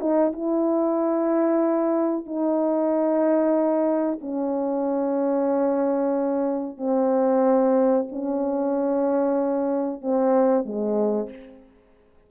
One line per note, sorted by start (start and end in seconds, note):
0.00 0.32 D#4
0.33 2.26 E4
2.26 4.19 D#4
4.21 6.77 C#4
6.77 8.06 C4
8.11 10.01 C#4
10.01 10.65 C4
10.65 11.30 G#3